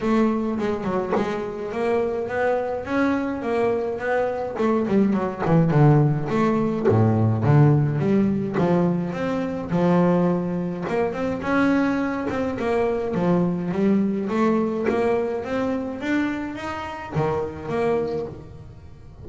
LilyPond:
\new Staff \with { instrumentName = "double bass" } { \time 4/4 \tempo 4 = 105 a4 gis8 fis8 gis4 ais4 | b4 cis'4 ais4 b4 | a8 g8 fis8 e8 d4 a4 | a,4 d4 g4 f4 |
c'4 f2 ais8 c'8 | cis'4. c'8 ais4 f4 | g4 a4 ais4 c'4 | d'4 dis'4 dis4 ais4 | }